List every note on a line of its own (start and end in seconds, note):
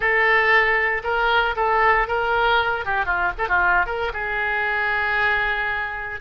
0.00 1.02 A4
1.03 1.55 A#4
1.56 2.07 A4
2.07 2.85 A#4
2.85 3.05 G4
3.05 3.31 F4
3.38 3.48 A4
3.48 3.86 F4
3.86 4.12 A#4
4.13 6.20 G#4